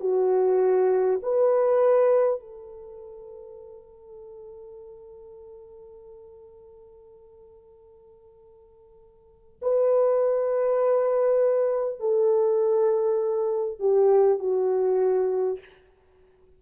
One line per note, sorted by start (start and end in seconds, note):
0.00 1.20 F#4
1.22 2.39 B4
2.39 9.59 A4
9.62 11.99 B4
11.99 13.79 A4
13.79 14.38 G4
14.38 15.58 F#4